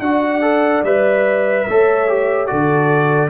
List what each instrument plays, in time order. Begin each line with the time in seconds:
0.00 tuba D4, trombone F#4, horn D5, trumpet F#5
0.42 trombone A4
0.83 tuba G3, trombone B4, trumpet E5
1.69 tuba A3, trombone A4, horn C#5
2.09 trombone G4
2.47 tuba D3, trombone F#4, horn A4, trumpet D5